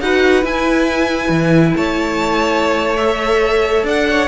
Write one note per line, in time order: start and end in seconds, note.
0.00 0.43 D#4
0.00 0.43 F#4
0.00 1.76 B4
0.00 0.44 F#5
0.43 2.96 E4
0.43 1.28 E4
0.43 1.76 G#5
1.28 1.73 E3
1.76 3.83 A3
1.76 3.85 C#5
1.76 2.96 A5
2.96 4.27 A4
2.96 3.84 E5
3.83 4.27 D4
3.83 4.07 D5
3.83 4.27 F#5
4.09 4.27 C#5